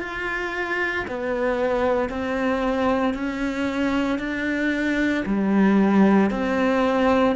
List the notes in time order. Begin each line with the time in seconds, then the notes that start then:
0.00 F4
1.08 B3
2.10 C4
3.14 C#4
4.19 D4
5.26 G3
6.31 C4